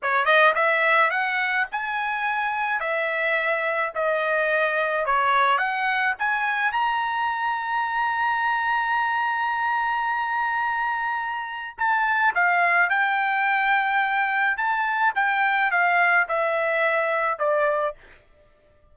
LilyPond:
\new Staff \with { instrumentName = "trumpet" } { \time 4/4 \tempo 4 = 107 cis''8 dis''8 e''4 fis''4 gis''4~ | gis''4 e''2 dis''4~ | dis''4 cis''4 fis''4 gis''4 | ais''1~ |
ais''1~ | ais''4 a''4 f''4 g''4~ | g''2 a''4 g''4 | f''4 e''2 d''4 | }